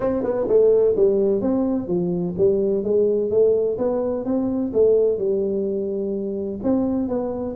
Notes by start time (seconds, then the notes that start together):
0.00 C4
0.23 B3
0.47 A3
0.96 G3
1.41 C4
1.87 F3
2.37 G3
2.83 G#3
3.30 A3
3.78 B3
4.24 C4
4.73 A3
5.17 G3
6.63 C4
7.08 B3